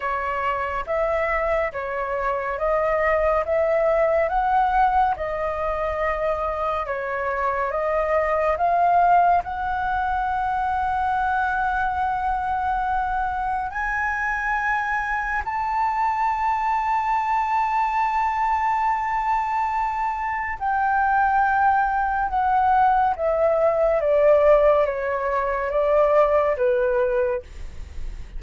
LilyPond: \new Staff \with { instrumentName = "flute" } { \time 4/4 \tempo 4 = 70 cis''4 e''4 cis''4 dis''4 | e''4 fis''4 dis''2 | cis''4 dis''4 f''4 fis''4~ | fis''1 |
gis''2 a''2~ | a''1 | g''2 fis''4 e''4 | d''4 cis''4 d''4 b'4 | }